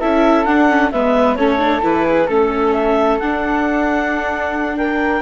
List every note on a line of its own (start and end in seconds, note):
0.00 0.46 C#4
0.00 0.47 E4
0.00 0.91 A4
0.00 0.45 E5
0.45 0.91 D4
0.45 0.69 D4
0.45 0.91 F#5
0.69 0.92 C#4
0.91 1.36 G#3
0.91 1.39 B3
0.91 1.38 B4
0.91 1.35 E5
1.35 1.82 A3
1.35 1.59 C#4
1.35 2.05 A4
1.35 1.81 C#5
1.59 1.81 D4
1.83 2.29 E3
1.83 2.28 E4
1.83 2.28 B4
2.05 2.26 G#4
2.26 3.20 A3
2.26 3.20 C#4
2.26 4.76 A4
2.26 2.73 A4
2.73 3.18 E5
3.19 5.22 D4
3.19 4.77 F#5
4.77 5.22 A#4
4.77 5.22 G5